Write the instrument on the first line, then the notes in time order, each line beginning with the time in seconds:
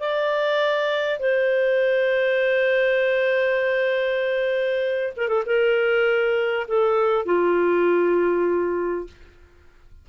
clarinet
0.00 D5
1.20 C5
5.17 A#4
5.29 A4
5.46 A#4
6.68 A4
7.26 F4